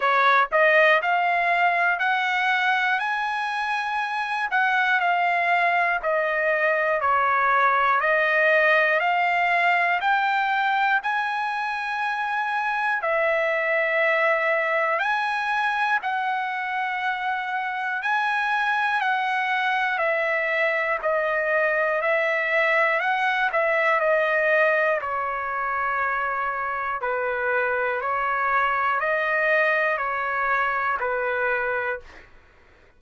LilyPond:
\new Staff \with { instrumentName = "trumpet" } { \time 4/4 \tempo 4 = 60 cis''8 dis''8 f''4 fis''4 gis''4~ | gis''8 fis''8 f''4 dis''4 cis''4 | dis''4 f''4 g''4 gis''4~ | gis''4 e''2 gis''4 |
fis''2 gis''4 fis''4 | e''4 dis''4 e''4 fis''8 e''8 | dis''4 cis''2 b'4 | cis''4 dis''4 cis''4 b'4 | }